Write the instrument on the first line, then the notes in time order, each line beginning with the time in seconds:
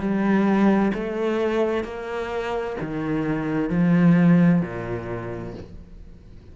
cello
0.00 G3
0.94 A3
1.85 A#3
2.82 D#3
3.70 F3
4.62 A#2